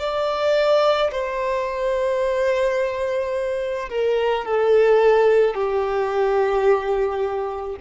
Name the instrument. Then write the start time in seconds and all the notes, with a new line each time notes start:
violin
0.00 D5
1.12 C5
3.90 A#4
4.45 A4
5.55 G4